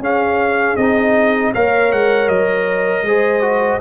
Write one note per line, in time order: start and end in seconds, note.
0.00 0.76 C#4
0.00 0.78 C#4
0.00 1.53 G#4
0.00 0.77 F5
0.77 1.54 C4
0.77 1.55 D#4
0.77 1.53 D#5
1.53 1.93 A#3
1.53 3.07 A#4
1.53 3.05 C#5
1.53 1.92 F5
1.92 2.28 G#3
1.92 2.29 F#5
2.28 3.03 F#3
2.28 3.81 D#5
3.03 3.79 G#3
3.03 3.42 G#4
3.03 3.81 C5
3.42 3.80 F#4